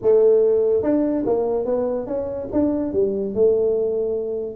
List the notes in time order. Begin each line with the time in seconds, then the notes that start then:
0.02 A3
0.82 D4
1.26 A#3
1.65 B3
2.06 C#4
2.52 D4
2.92 G3
3.34 A3